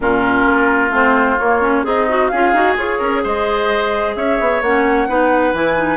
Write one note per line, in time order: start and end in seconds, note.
0.00 0.45 A#2
0.00 0.91 C#4
0.00 1.86 F4
0.00 0.93 A#4
0.45 0.90 A#3
0.90 1.36 A3
0.90 1.37 C4
0.90 1.38 C5
1.38 1.84 A#3
1.38 1.61 A#3
1.38 1.85 C#5
1.61 1.83 C#4
1.83 2.30 C4
1.83 2.31 D#4
1.83 2.07 G#4
1.83 2.28 D#5
2.08 2.31 F#4
2.28 2.53 C#4
2.28 2.54 F4
2.28 2.98 G#4
2.28 2.74 F5
2.53 2.76 D#4
2.53 2.77 F#4
2.76 3.00 F4
2.76 4.63 G#4
2.76 3.23 C#5
2.98 3.23 C#4
2.98 3.21 A#4
3.23 4.16 G#3
3.23 4.15 C5
3.23 4.15 D#5
4.15 4.39 C#4
4.15 5.08 C#5
4.15 4.62 E5
4.39 4.61 B3
4.61 5.07 A#3
4.61 5.08 C#4
4.61 5.54 F#5
5.08 5.53 B3
5.08 5.54 D#4
5.08 5.96 B4
5.53 5.96 E3
5.53 5.77 E4
5.53 5.96 G#5
5.77 5.96 D#4